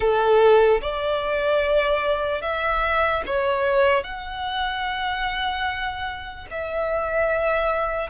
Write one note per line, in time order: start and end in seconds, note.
0.00 0.80 A4
0.81 2.41 D5
2.41 3.22 E5
3.26 4.03 C#5
4.03 6.46 F#5
6.50 8.10 E5